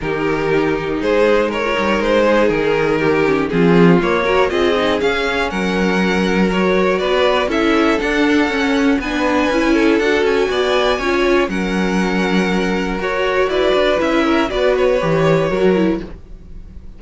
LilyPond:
<<
  \new Staff \with { instrumentName = "violin" } { \time 4/4 \tempo 4 = 120 ais'2 c''4 cis''4 | c''4 ais'2 gis'4 | cis''4 dis''4 f''4 fis''4~ | fis''4 cis''4 d''4 e''4 |
fis''2 gis''2 | fis''8 gis''2~ gis''8 fis''4~ | fis''2 cis''4 d''4 | e''4 d''8 cis''2~ cis''8 | }
  \new Staff \with { instrumentName = "violin" } { \time 4/4 g'2 gis'4 ais'4~ | ais'8 gis'4. g'4 f'4~ | f'8 ais'8 gis'2 ais'4~ | ais'2 b'4 a'4~ |
a'2 b'4. a'8~ | a'4 d''4 cis''4 ais'4~ | ais'2. b'4~ | b'8 ais'8 b'2 ais'4 | }
  \new Staff \with { instrumentName = "viola" } { \time 4/4 dis'2.~ dis'16 f'16 dis'8~ | dis'2~ dis'8 cis'8 c'4 | ais8 fis'8 f'8 dis'8 cis'2~ | cis'4 fis'2 e'4 |
d'4 cis'4 d'4 e'4 | fis'2 f'4 cis'4~ | cis'2 fis'2 | e'4 fis'4 g'4 fis'8 e'8 | }
  \new Staff \with { instrumentName = "cello" } { \time 4/4 dis2 gis4. g8 | gis4 dis2 f4 | ais4 c'4 cis'4 fis4~ | fis2 b4 cis'4 |
d'4 cis'4 b4 cis'4 | d'8 cis'8 b4 cis'4 fis4~ | fis2 fis'4 e'8 d'8 | cis'4 b4 e4 fis4 | }
>>